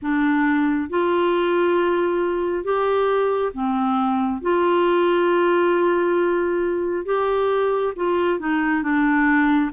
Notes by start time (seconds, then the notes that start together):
0.02 D4
0.89 F4
2.64 G4
3.53 C4
4.41 F4
7.05 G4
7.96 F4
8.39 D#4
8.82 D4